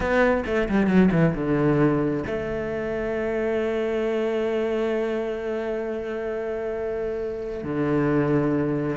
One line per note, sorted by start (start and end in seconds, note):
0.00 0.43 B3
0.46 0.68 A3
0.69 0.86 G3
0.86 1.09 F#3
1.11 1.34 E3
1.34 2.24 D3
2.26 7.63 A3
7.63 8.96 D3